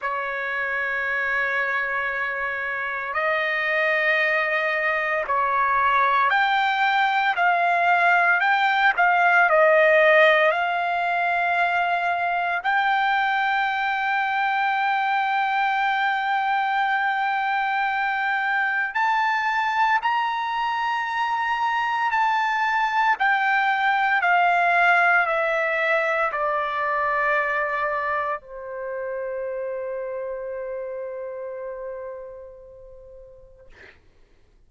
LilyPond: \new Staff \with { instrumentName = "trumpet" } { \time 4/4 \tempo 4 = 57 cis''2. dis''4~ | dis''4 cis''4 g''4 f''4 | g''8 f''8 dis''4 f''2 | g''1~ |
g''2 a''4 ais''4~ | ais''4 a''4 g''4 f''4 | e''4 d''2 c''4~ | c''1 | }